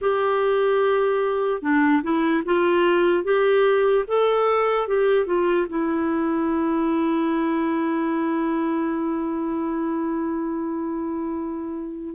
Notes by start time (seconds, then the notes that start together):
0.01 G4
1.62 D4
2.02 E4
2.45 F4
3.24 G4
4.07 A4
4.87 G4
5.26 F4
5.68 E4